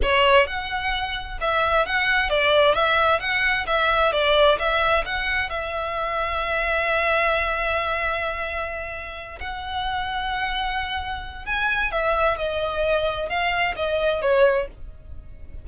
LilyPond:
\new Staff \with { instrumentName = "violin" } { \time 4/4 \tempo 4 = 131 cis''4 fis''2 e''4 | fis''4 d''4 e''4 fis''4 | e''4 d''4 e''4 fis''4 | e''1~ |
e''1~ | e''8 fis''2.~ fis''8~ | fis''4 gis''4 e''4 dis''4~ | dis''4 f''4 dis''4 cis''4 | }